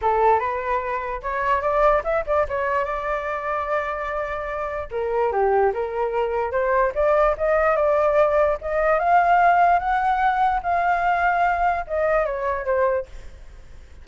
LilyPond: \new Staff \with { instrumentName = "flute" } { \time 4/4 \tempo 4 = 147 a'4 b'2 cis''4 | d''4 e''8 d''8 cis''4 d''4~ | d''1 | ais'4 g'4 ais'2 |
c''4 d''4 dis''4 d''4~ | d''4 dis''4 f''2 | fis''2 f''2~ | f''4 dis''4 cis''4 c''4 | }